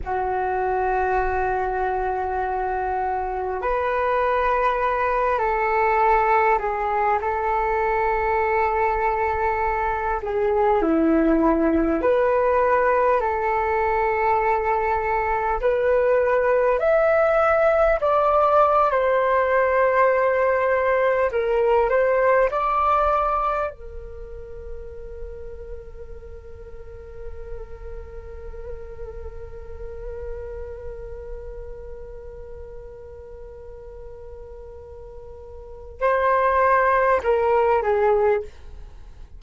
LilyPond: \new Staff \with { instrumentName = "flute" } { \time 4/4 \tempo 4 = 50 fis'2. b'4~ | b'8 a'4 gis'8 a'2~ | a'8 gis'8 e'4 b'4 a'4~ | a'4 b'4 e''4 d''8. c''16~ |
c''4.~ c''16 ais'8 c''8 d''4 ais'16~ | ais'1~ | ais'1~ | ais'2 c''4 ais'8 gis'8 | }